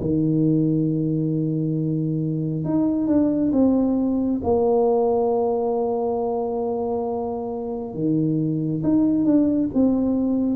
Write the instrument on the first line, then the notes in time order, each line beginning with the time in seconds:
tuba
0.00 D#3
2.64 D#4
3.07 D4
3.52 C4
4.43 A#3
7.94 D#3
8.83 D#4
9.24 D4
9.74 C4